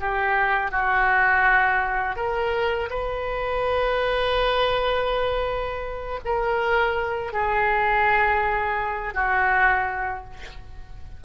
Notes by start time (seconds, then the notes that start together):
0.00 G4
0.71 F#4
2.16 A#4
2.90 B4
6.25 A#4
7.33 G#4
9.14 F#4